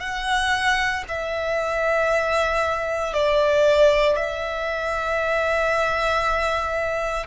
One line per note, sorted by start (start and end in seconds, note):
0.00 1.03 F#5
1.08 3.13 E5
3.13 4.16 D5
4.16 7.26 E5